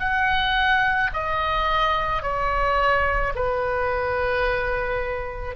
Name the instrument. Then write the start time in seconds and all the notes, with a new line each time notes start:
oboe
0.00 F#5
1.14 D#5
2.23 C#5
3.35 B4